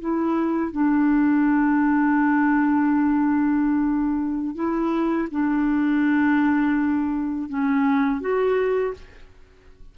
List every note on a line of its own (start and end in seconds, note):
0.00 0.72 E4
0.72 4.55 D4
4.55 5.28 E4
5.31 7.49 D4
7.49 8.21 C#4
8.21 8.94 F#4